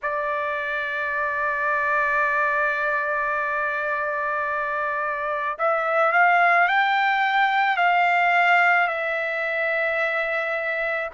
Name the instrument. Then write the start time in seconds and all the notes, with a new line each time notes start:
trumpet
0.02 D5
5.58 E5
6.12 F5
6.68 G5
7.76 F5
8.87 E5